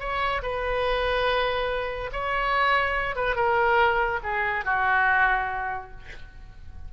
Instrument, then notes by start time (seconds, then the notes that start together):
oboe
0.00 C#5
0.43 B4
2.13 C#5
3.16 B4
3.36 A#4
4.24 G#4
4.65 F#4